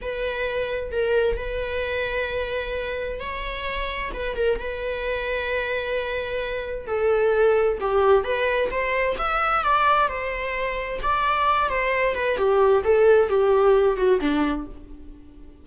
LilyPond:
\new Staff \with { instrumentName = "viola" } { \time 4/4 \tempo 4 = 131 b'2 ais'4 b'4~ | b'2. cis''4~ | cis''4 b'8 ais'8 b'2~ | b'2. a'4~ |
a'4 g'4 b'4 c''4 | e''4 d''4 c''2 | d''4. c''4 b'8 g'4 | a'4 g'4. fis'8 d'4 | }